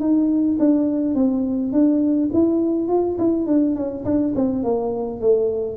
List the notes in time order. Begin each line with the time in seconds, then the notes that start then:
0.00 D#4
0.59 D4
1.15 C4
1.73 D4
2.33 E4
2.88 F4
3.18 E4
3.47 D4
3.76 C#4
4.05 D4
4.35 C4
4.64 A#3
5.21 A3